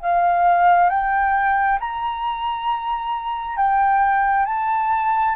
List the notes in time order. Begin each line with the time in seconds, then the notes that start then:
0.00 F5
0.89 G5
1.80 A#5
3.57 G5
4.45 A5